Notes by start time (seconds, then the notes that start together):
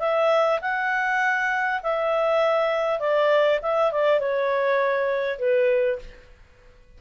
0.00 E5
0.61 F#5
1.83 E5
3.00 D5
3.62 E5
3.92 D5
4.20 C#5
5.39 B4